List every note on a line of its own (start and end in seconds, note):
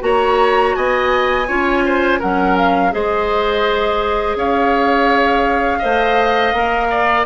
0.00 0.74 A#3
0.00 1.45 F#4
0.00 0.76 C#5
0.00 0.75 A#5
0.75 1.48 B3
0.75 1.47 D#5
0.75 2.20 G#5
1.47 2.21 C#4
1.47 2.20 F4
1.47 1.84 C#5
1.85 2.19 C5
2.19 2.93 F#3
2.19 2.91 C#4
2.19 2.91 A#4
2.19 2.57 F#5
2.57 2.93 F5
2.91 4.35 G#3
2.91 5.80 G#4
2.91 4.37 C5
2.91 4.37 D#5
4.35 5.80 C#4
4.35 5.78 C#5
4.35 7.25 F5
5.78 6.53 A3
5.78 6.54 C5
5.78 6.87 D#5
6.53 7.25 A#3
6.53 7.25 A#4
6.90 7.25 D5